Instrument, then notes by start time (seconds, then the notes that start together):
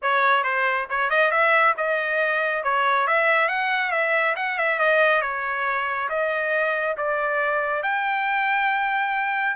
trumpet
0.02 C#5
0.43 C5
0.89 C#5
1.09 D#5
1.31 E5
1.77 D#5
2.63 C#5
3.07 E5
3.48 F#5
3.91 E5
4.36 F#5
4.58 E5
4.79 D#5
5.21 C#5
6.09 D#5
6.97 D5
7.82 G5